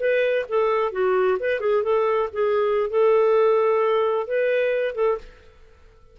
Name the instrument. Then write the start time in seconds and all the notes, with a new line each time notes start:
clarinet
0.00 B4
0.49 A4
0.92 F#4
1.40 B4
1.60 G#4
1.84 A4
2.33 G#4
2.90 A4
4.27 B4
4.95 A4